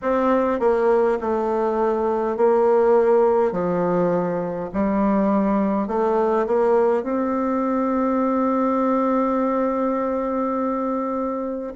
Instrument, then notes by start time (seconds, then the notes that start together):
bassoon
0.02 C4
0.59 A#3
1.21 A3
2.36 A#3
3.51 F3
4.73 G3
5.87 A3
6.47 A#3
7.03 C4